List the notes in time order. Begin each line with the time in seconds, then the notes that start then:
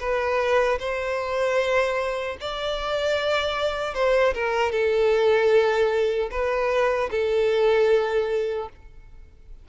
0.00 B4
0.80 C5
2.41 D5
3.94 C5
4.35 A#4
4.72 A4
6.31 B4
7.12 A4